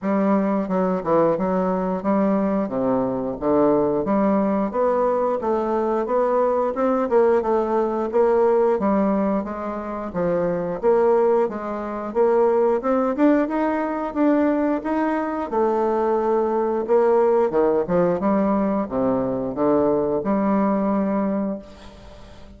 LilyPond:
\new Staff \with { instrumentName = "bassoon" } { \time 4/4 \tempo 4 = 89 g4 fis8 e8 fis4 g4 | c4 d4 g4 b4 | a4 b4 c'8 ais8 a4 | ais4 g4 gis4 f4 |
ais4 gis4 ais4 c'8 d'8 | dis'4 d'4 dis'4 a4~ | a4 ais4 dis8 f8 g4 | c4 d4 g2 | }